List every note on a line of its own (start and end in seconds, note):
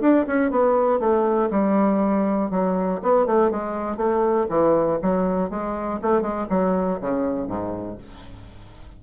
0.00 0.25 D4
0.27 0.50 C#4
0.50 0.99 B3
0.99 1.49 A3
1.50 2.50 G3
2.50 3.00 F#3
3.02 3.25 B3
3.25 3.50 A3
3.50 3.96 G#3
3.96 4.46 A3
4.49 4.99 E3
5.02 5.50 F#3
5.50 6.00 G#3
6.02 6.21 A3
6.21 6.46 G#3
6.49 6.99 F#3
7.00 7.47 C#3
7.47 7.97 G#2